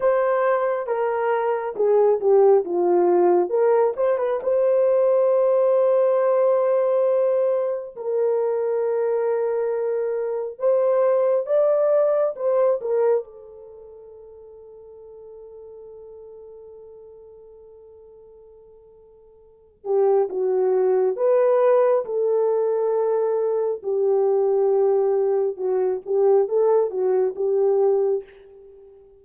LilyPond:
\new Staff \with { instrumentName = "horn" } { \time 4/4 \tempo 4 = 68 c''4 ais'4 gis'8 g'8 f'4 | ais'8 c''16 b'16 c''2.~ | c''4 ais'2. | c''4 d''4 c''8 ais'8 a'4~ |
a'1~ | a'2~ a'8 g'8 fis'4 | b'4 a'2 g'4~ | g'4 fis'8 g'8 a'8 fis'8 g'4 | }